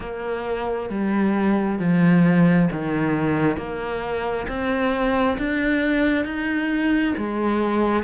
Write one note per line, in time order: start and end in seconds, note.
0.00 0.90 A#3
0.90 1.79 G3
1.79 2.68 F3
2.72 3.57 D#3
3.57 4.47 A#3
4.48 5.37 C4
5.38 6.24 D4
6.24 7.14 D#4
7.16 8.03 G#3